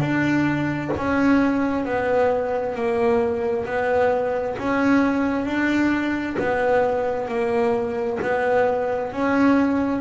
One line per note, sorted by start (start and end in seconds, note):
0.00 0.91 D4
0.97 1.85 C#4
1.85 2.76 B3
2.76 3.66 A#3
3.66 4.57 B3
4.59 5.46 C#4
5.46 6.37 D4
6.40 7.29 B3
7.29 8.19 A#3
8.23 9.13 B3
9.13 10.01 C#4